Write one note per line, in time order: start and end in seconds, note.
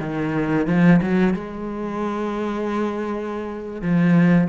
0.00 0.67 D#3
0.67 1.00 F3
1.02 1.34 F#3
1.34 3.82 G#3
3.82 4.48 F3